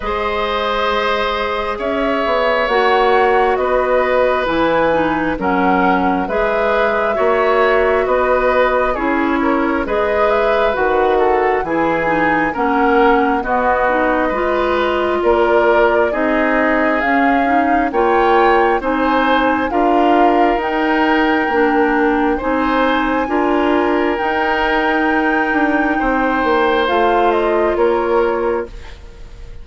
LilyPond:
<<
  \new Staff \with { instrumentName = "flute" } { \time 4/4 \tempo 4 = 67 dis''2 e''4 fis''4 | dis''4 gis''4 fis''4 e''4~ | e''4 dis''4 cis''4 dis''8 e''8 | fis''4 gis''4 fis''4 dis''4~ |
dis''4 d''4 dis''4 f''4 | g''4 gis''4 f''4 g''4~ | g''4 gis''2 g''4~ | g''2 f''8 dis''8 cis''4 | }
  \new Staff \with { instrumentName = "oboe" } { \time 4/4 c''2 cis''2 | b'2 ais'4 b'4 | cis''4 b'4 gis'8 ais'8 b'4~ | b'8 a'8 gis'4 ais'4 fis'4 |
b'4 ais'4 gis'2 | cis''4 c''4 ais'2~ | ais'4 c''4 ais'2~ | ais'4 c''2 ais'4 | }
  \new Staff \with { instrumentName = "clarinet" } { \time 4/4 gis'2. fis'4~ | fis'4 e'8 dis'8 cis'4 gis'4 | fis'2 e'4 gis'4 | fis'4 e'8 dis'8 cis'4 b8 dis'8 |
f'2 dis'4 cis'8 dis'8 | f'4 dis'4 f'4 dis'4 | d'4 dis'4 f'4 dis'4~ | dis'2 f'2 | }
  \new Staff \with { instrumentName = "bassoon" } { \time 4/4 gis2 cis'8 b8 ais4 | b4 e4 fis4 gis4 | ais4 b4 cis'4 gis4 | dis4 e4 ais4 b4 |
gis4 ais4 c'4 cis'4 | ais4 c'4 d'4 dis'4 | ais4 c'4 d'4 dis'4~ | dis'8 d'8 c'8 ais8 a4 ais4 | }
>>